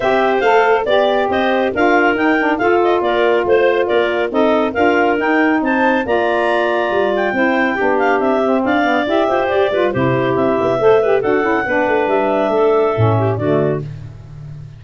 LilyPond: <<
  \new Staff \with { instrumentName = "clarinet" } { \time 4/4 \tempo 4 = 139 e''4 f''4 d''4 dis''4 | f''4 g''4 f''8 dis''8 d''4 | c''4 d''4 dis''4 f''4 | g''4 a''4 ais''2~ |
ais''8 g''2 f''8 e''4 | f''4 e''4 d''4 c''4 | e''2 fis''2 | e''2. d''4 | }
  \new Staff \with { instrumentName = "clarinet" } { \time 4/4 c''2 d''4 c''4 | ais'2 a'4 ais'4 | c''4 ais'4 a'4 ais'4~ | ais'4 c''4 d''2~ |
d''4 c''4 g'2 | d''4. c''4 b'8 g'4~ | g'4 c''8 b'8 a'4 b'4~ | b'4 a'4. g'8 fis'4 | }
  \new Staff \with { instrumentName = "saxophone" } { \time 4/4 g'4 a'4 g'2 | f'4 dis'8 d'8 f'2~ | f'2 dis'4 f'4 | dis'2 f'2~ |
f'4 e'4 d'4. c'8~ | c'8 b8 g'4. f'8 e'4~ | e'4 a'8 g'8 fis'8 e'8 d'4~ | d'2 cis'4 a4 | }
  \new Staff \with { instrumentName = "tuba" } { \time 4/4 c'4 a4 b4 c'4 | d'4 dis'4 f'4 ais4 | a4 ais4 c'4 d'4 | dis'4 c'4 ais2 |
g4 c'4 b4 c'4 | d'4 e'8 f'8 g'8 g8 c4 | c'8 b8 a4 d'8 cis'8 b8 a8 | g4 a4 a,4 d4 | }
>>